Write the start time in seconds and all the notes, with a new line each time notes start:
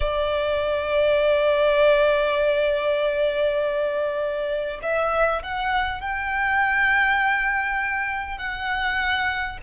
0.00 D5
4.82 E5
5.42 F#5
6.00 G5
8.38 F#5